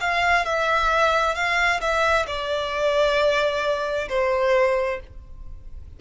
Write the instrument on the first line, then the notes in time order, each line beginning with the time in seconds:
violin
0.00 F5
0.45 E5
1.35 F5
1.81 E5
2.26 D5
4.09 C5